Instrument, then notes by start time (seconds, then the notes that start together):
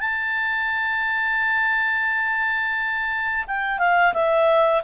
clarinet
0.00 A5
3.47 G5
3.79 F5
4.13 E5